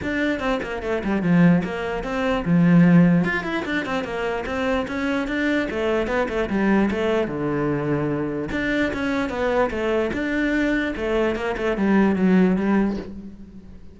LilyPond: \new Staff \with { instrumentName = "cello" } { \time 4/4 \tempo 4 = 148 d'4 c'8 ais8 a8 g8 f4 | ais4 c'4 f2 | f'8 e'8 d'8 c'8 ais4 c'4 | cis'4 d'4 a4 b8 a8 |
g4 a4 d2~ | d4 d'4 cis'4 b4 | a4 d'2 a4 | ais8 a8 g4 fis4 g4 | }